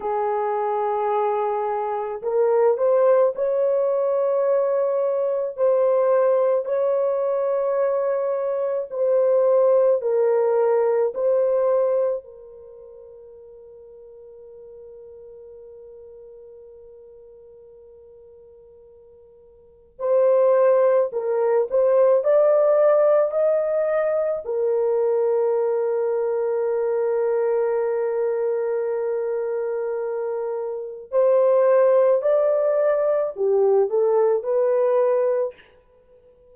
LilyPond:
\new Staff \with { instrumentName = "horn" } { \time 4/4 \tempo 4 = 54 gis'2 ais'8 c''8 cis''4~ | cis''4 c''4 cis''2 | c''4 ais'4 c''4 ais'4~ | ais'1~ |
ais'2 c''4 ais'8 c''8 | d''4 dis''4 ais'2~ | ais'1 | c''4 d''4 g'8 a'8 b'4 | }